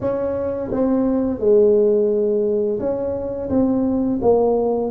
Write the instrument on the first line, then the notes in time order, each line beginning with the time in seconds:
tuba
0.00 C#4
0.71 C4
1.40 G#3
2.79 C#4
3.49 C4
4.21 A#3